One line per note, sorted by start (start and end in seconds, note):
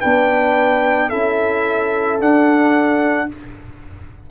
0.00 1.12 B3
0.00 1.11 D4
0.00 1.09 B4
0.00 1.10 G5
1.09 2.20 C#4
1.09 2.20 E4
1.09 3.27 A4
1.09 2.19 E5
2.20 3.29 D4
2.20 3.30 F#5